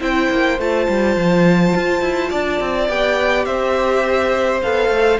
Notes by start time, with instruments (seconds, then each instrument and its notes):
0.00 cello C4, viola E4, violin C5 G5
0.30 cello A#3
0.59 cello A3, viola F4, violin A5
0.89 cello G3
1.16 cello F3
1.75 cello F4
2.01 cello E4
2.31 cello D4, violin D5
2.60 cello C4
2.89 cello B3, viola G4, violin G5
3.45 cello C4, violin C5 E5
4.62 cello B3, viola A4, violin F5
4.89 cello A3